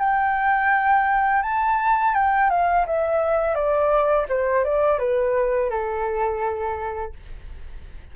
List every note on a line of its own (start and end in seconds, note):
0.00 1.43 G5
1.43 2.15 A5
2.15 2.50 G5
2.50 2.86 F5
2.87 3.55 E5
3.55 4.27 D5
4.29 4.65 C5
4.65 4.99 D5
4.99 5.70 B4
5.70 7.13 A4